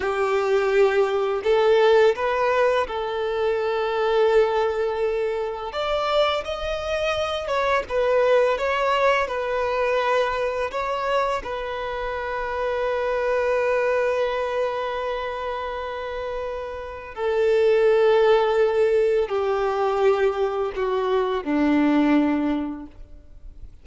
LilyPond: \new Staff \with { instrumentName = "violin" } { \time 4/4 \tempo 4 = 84 g'2 a'4 b'4 | a'1 | d''4 dis''4. cis''8 b'4 | cis''4 b'2 cis''4 |
b'1~ | b'1 | a'2. g'4~ | g'4 fis'4 d'2 | }